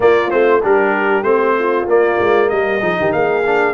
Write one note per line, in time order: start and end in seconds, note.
0.00 0.29 A#3
0.00 0.31 A#3
0.00 0.61 F4
0.00 0.30 D5
0.29 0.64 A3
0.29 0.61 C4
0.29 0.61 C5
0.61 1.22 G3
0.61 1.23 D4
0.61 1.55 G4
0.61 1.23 A#4
1.22 1.85 A3
1.22 1.86 C4
1.22 1.85 C5
1.58 2.49 F4
1.87 2.18 A#3
1.87 2.80 A#3
1.87 2.49 D5
2.19 2.51 G#3
2.49 2.82 G3
2.49 2.80 A#4
2.49 3.11 D#5
2.80 2.97 F3
2.80 3.42 D#4
2.80 2.96 G#4
2.99 3.12 D#3
2.99 3.14 G4
3.12 3.74 A#3
3.12 3.74 G#4
3.12 3.74 F5
3.45 3.74 D4